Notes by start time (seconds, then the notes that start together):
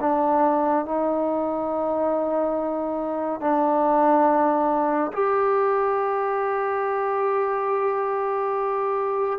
0.00 D4
0.85 D#4
3.40 D4
5.12 G4